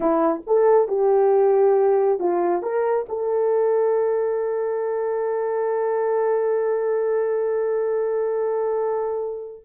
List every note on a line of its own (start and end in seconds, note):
0.00 0.41 E4
0.47 0.87 A4
0.87 2.19 G4
2.19 2.62 F4
2.62 3.06 A#4
3.08 9.64 A4